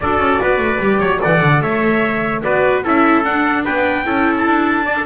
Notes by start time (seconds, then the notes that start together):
0.00 D4 F#4 A4 D5
0.19 C#4
0.41 B3 B4
0.57 A3
0.79 G3 G4
0.99 F#3 C#5
1.18 A4 D5 F#5
1.25 E3
1.41 D3
1.61 A3 C#5 E5
2.43 B3 F#4 B4 D5
2.83 C#4 E4 A4 E5
3.23 D4 F#5
3.64 B3 B4 G5
4.04 C#4 E4 A4
4.37 A5
4.46 D4
4.85 D4 D5
4.96 A4